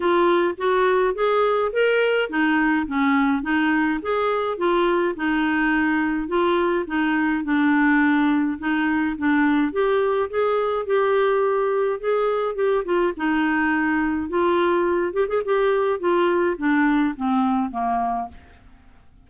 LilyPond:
\new Staff \with { instrumentName = "clarinet" } { \time 4/4 \tempo 4 = 105 f'4 fis'4 gis'4 ais'4 | dis'4 cis'4 dis'4 gis'4 | f'4 dis'2 f'4 | dis'4 d'2 dis'4 |
d'4 g'4 gis'4 g'4~ | g'4 gis'4 g'8 f'8 dis'4~ | dis'4 f'4. g'16 gis'16 g'4 | f'4 d'4 c'4 ais4 | }